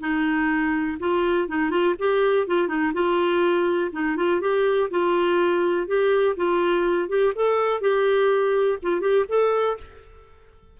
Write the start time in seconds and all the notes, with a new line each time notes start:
0.00 D#4
0.99 F4
1.48 D#4
1.70 F4
1.98 G4
2.47 F4
2.67 D#4
2.93 F4
3.92 D#4
4.16 F4
4.41 G4
4.90 F4
5.87 G4
6.36 F4
7.08 G4
7.35 A4
7.80 G4
8.82 F4
9.00 G4
9.28 A4